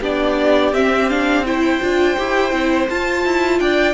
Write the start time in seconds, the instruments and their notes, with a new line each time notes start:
0.00 cello B3, viola D4, violin G4 D5
0.72 cello C4, viola C4, violin E5
1.09 viola D4, violin F5
1.45 viola E4, violin C5 G5
1.81 cello D4, viola F4
2.17 cello E4, viola G4
2.51 cello C4, viola E4
2.89 cello F4, viola F4, violin A5
3.25 cello E4
3.59 cello D4, violin D5 G5